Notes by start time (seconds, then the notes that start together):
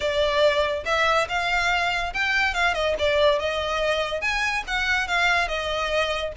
0.00 D5
0.85 E5
1.28 F5
2.13 G5
2.54 F5
2.73 D#5
2.98 D5
3.39 D#5
4.21 G#5
4.67 F#5
5.07 F5
5.48 D#5